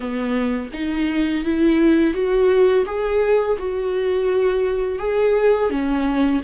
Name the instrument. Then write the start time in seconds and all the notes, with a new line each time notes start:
viola
0.00 B3
0.73 D#4
1.44 E4
2.14 F#4
2.85 G#4
3.58 F#4
4.98 G#4
5.69 C#4